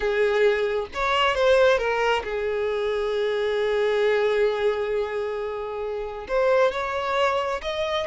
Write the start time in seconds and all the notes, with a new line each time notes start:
0.00 G#4
0.94 C#5
1.34 C5
1.77 A#4
2.23 G#4
6.28 C5
6.71 C#5
7.62 D#5